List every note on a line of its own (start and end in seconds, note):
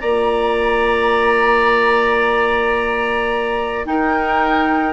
0.00 3.86 A#3
0.00 3.85 F4
0.00 3.86 D5
0.00 3.85 A#5
3.85 4.93 D#4
3.85 4.93 A#4
3.85 4.93 G5